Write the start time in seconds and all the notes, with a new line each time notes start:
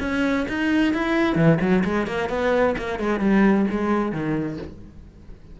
0.00 C#4
0.48 D#4
0.94 E4
1.36 E3
1.61 F#3
1.84 G#3
2.07 A#3
2.29 B3
2.78 A#3
2.99 G#3
3.20 G3
3.70 G#3
4.12 D#3